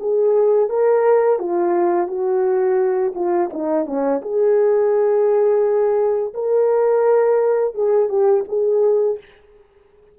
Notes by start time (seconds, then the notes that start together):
0.00 G#4
0.70 A#4
1.40 F4
2.08 F#4
3.15 F4
3.53 D#4
3.86 C#4
4.22 G#4
6.34 A#4
7.75 G#4
8.10 G4
8.49 G#4